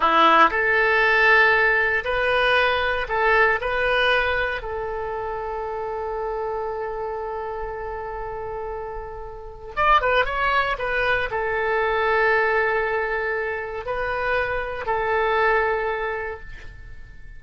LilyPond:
\new Staff \with { instrumentName = "oboe" } { \time 4/4 \tempo 4 = 117 e'4 a'2. | b'2 a'4 b'4~ | b'4 a'2.~ | a'1~ |
a'2. d''8 b'8 | cis''4 b'4 a'2~ | a'2. b'4~ | b'4 a'2. | }